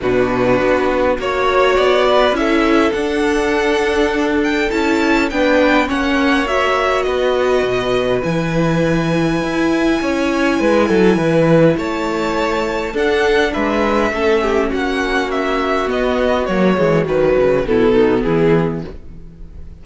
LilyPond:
<<
  \new Staff \with { instrumentName = "violin" } { \time 4/4 \tempo 4 = 102 b'2 cis''4 d''4 | e''4 fis''2~ fis''8 g''8 | a''4 g''4 fis''4 e''4 | dis''2 gis''2~ |
gis''1 | a''2 fis''4 e''4~ | e''4 fis''4 e''4 dis''4 | cis''4 b'4 a'4 gis'4 | }
  \new Staff \with { instrumentName = "violin" } { \time 4/4 fis'2 cis''4. b'8 | a'1~ | a'4 b'4 cis''2 | b'1~ |
b'4 cis''4 b'8 a'8 b'4 | cis''2 a'4 b'4 | a'8 g'8 fis'2.~ | fis'2 e'8 dis'8 e'4 | }
  \new Staff \with { instrumentName = "viola" } { \time 4/4 d'2 fis'2 | e'4 d'2. | e'4 d'4 cis'4 fis'4~ | fis'2 e'2~ |
e'1~ | e'2 d'2 | cis'2. b4 | ais8 gis8 fis4 b2 | }
  \new Staff \with { instrumentName = "cello" } { \time 4/4 b,4 b4 ais4 b4 | cis'4 d'2. | cis'4 b4 ais2 | b4 b,4 e2 |
e'4 cis'4 gis8 fis8 e4 | a2 d'4 gis4 | a4 ais2 b4 | fis8 e8 dis8 cis8 b,4 e4 | }
>>